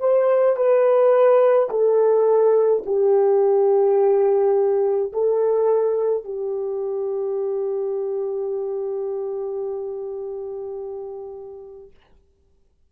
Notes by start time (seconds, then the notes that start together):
0.00 C5
0.57 B4
1.70 A4
2.86 G4
5.13 A4
6.24 G4